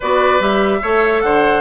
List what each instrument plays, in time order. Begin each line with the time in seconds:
0.00 bassoon B3, clarinet F#4, oboe B4, flute D5
0.39 bassoon G3, clarinet G4, flute E5
0.82 bassoon A3, clarinet A4, oboe C#5
1.21 bassoon D3, oboe C5, flute F#5